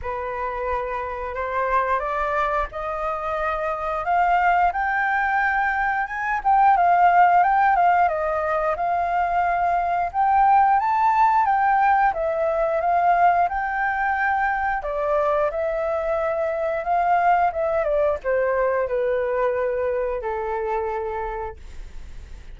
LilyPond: \new Staff \with { instrumentName = "flute" } { \time 4/4 \tempo 4 = 89 b'2 c''4 d''4 | dis''2 f''4 g''4~ | g''4 gis''8 g''8 f''4 g''8 f''8 | dis''4 f''2 g''4 |
a''4 g''4 e''4 f''4 | g''2 d''4 e''4~ | e''4 f''4 e''8 d''8 c''4 | b'2 a'2 | }